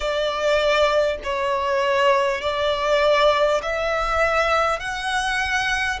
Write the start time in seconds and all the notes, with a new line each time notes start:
0.00 D5
1.23 C#5
2.41 D5
3.62 E5
4.79 F#5